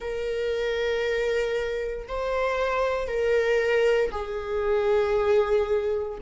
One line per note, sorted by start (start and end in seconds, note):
0.00 2.07 A#4
2.08 3.07 C5
3.07 4.11 A#4
4.11 6.18 G#4